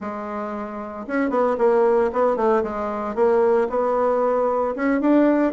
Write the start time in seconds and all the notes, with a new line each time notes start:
0.00 G#3
1.07 C#4
1.30 B3
1.58 A#3
2.12 B3
2.36 A3
2.63 G#3
3.15 A#3
3.69 B3
4.75 C#4
5.00 D4